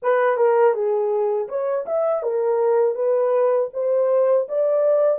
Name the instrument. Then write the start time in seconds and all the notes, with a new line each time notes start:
horn
0.02 B4
0.37 A#4
0.73 G#4
1.48 C#5
1.86 E5
2.22 A#4
2.95 B4
3.73 C5
4.48 D5